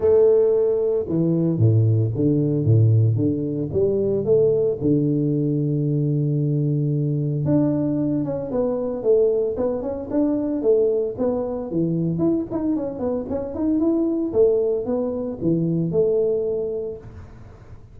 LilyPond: \new Staff \with { instrumentName = "tuba" } { \time 4/4 \tempo 4 = 113 a2 e4 a,4 | d4 a,4 d4 g4 | a4 d2.~ | d2 d'4. cis'8 |
b4 a4 b8 cis'8 d'4 | a4 b4 e4 e'8 dis'8 | cis'8 b8 cis'8 dis'8 e'4 a4 | b4 e4 a2 | }